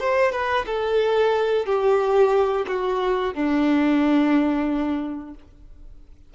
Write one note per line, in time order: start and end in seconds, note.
0.00 0.32 C5
0.32 0.65 B4
0.66 1.66 A4
1.66 2.66 G4
2.68 3.35 F#4
3.35 5.35 D4